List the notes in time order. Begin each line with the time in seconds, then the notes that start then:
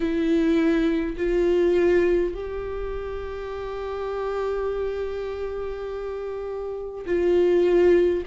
0.00 E4
1.17 F4
2.34 G4
7.06 F4